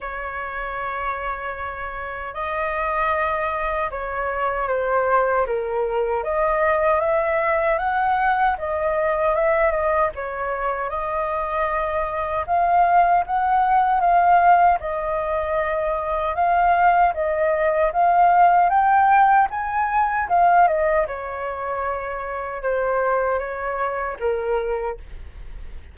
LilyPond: \new Staff \with { instrumentName = "flute" } { \time 4/4 \tempo 4 = 77 cis''2. dis''4~ | dis''4 cis''4 c''4 ais'4 | dis''4 e''4 fis''4 dis''4 | e''8 dis''8 cis''4 dis''2 |
f''4 fis''4 f''4 dis''4~ | dis''4 f''4 dis''4 f''4 | g''4 gis''4 f''8 dis''8 cis''4~ | cis''4 c''4 cis''4 ais'4 | }